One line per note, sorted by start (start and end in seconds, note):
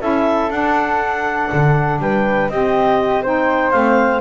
0.00 0.50 C#4
0.00 0.50 E4
0.00 2.00 A4
0.00 0.51 E5
0.50 1.49 D4
0.50 2.50 D4
0.50 2.00 F#5
1.53 1.99 D3
1.99 2.49 G3
1.99 2.52 B4
1.99 2.50 G5
2.49 3.73 C4
2.49 3.25 C4
2.49 3.23 G4
2.49 3.24 D#5
3.23 3.73 D#4
3.23 4.21 C5
3.23 3.71 G5
3.71 4.21 A3
3.71 4.21 C4
3.71 4.21 F5